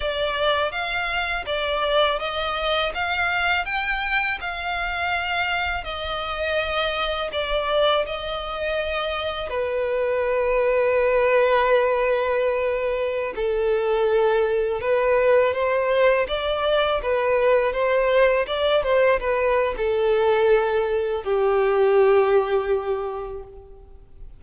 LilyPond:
\new Staff \with { instrumentName = "violin" } { \time 4/4 \tempo 4 = 82 d''4 f''4 d''4 dis''4 | f''4 g''4 f''2 | dis''2 d''4 dis''4~ | dis''4 b'2.~ |
b'2~ b'16 a'4.~ a'16~ | a'16 b'4 c''4 d''4 b'8.~ | b'16 c''4 d''8 c''8 b'8. a'4~ | a'4 g'2. | }